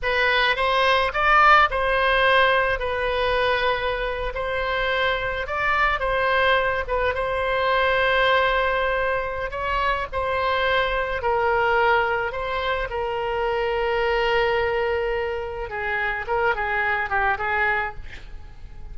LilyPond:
\new Staff \with { instrumentName = "oboe" } { \time 4/4 \tempo 4 = 107 b'4 c''4 d''4 c''4~ | c''4 b'2~ b'8. c''16~ | c''4.~ c''16 d''4 c''4~ c''16~ | c''16 b'8 c''2.~ c''16~ |
c''4 cis''4 c''2 | ais'2 c''4 ais'4~ | ais'1 | gis'4 ais'8 gis'4 g'8 gis'4 | }